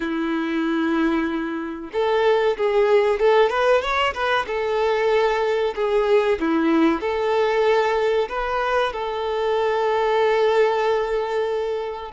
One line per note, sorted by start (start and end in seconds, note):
0.00 1.90 E4
1.92 2.56 A4
2.57 3.19 G#4
3.19 3.49 A4
3.49 3.81 B4
3.81 4.13 C#5
4.13 4.45 B4
4.47 5.74 A4
5.74 6.38 G#4
6.40 7.01 E4
7.01 8.28 A4
8.28 8.92 B4
8.92 12.12 A4